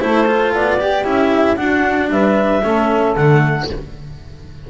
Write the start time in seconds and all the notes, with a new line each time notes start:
0.00 A3 E4 A4 C5
0.27 F4
0.54 B3 D5
0.79 G4
1.04 C#4 E4 E5
1.56 D4 F#4 F#5
2.10 G3 B4 E5
2.64 A3 C#4 A4
3.15 D3 A3 F#5